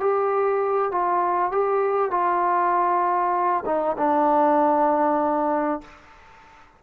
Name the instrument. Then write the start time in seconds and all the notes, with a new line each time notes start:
trombone
0.00 G4
0.92 F4
1.52 G4
2.11 F4
3.66 D#4
3.98 D4